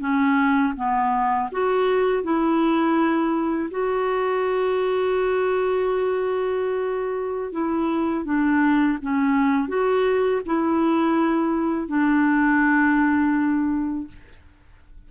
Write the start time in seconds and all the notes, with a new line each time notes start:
0.00 C#4
0.76 B3
1.52 F#4
2.23 E4
3.70 F#4
7.52 E4
8.25 D4
9.02 C#4
9.68 F#4
10.45 E4
11.87 D4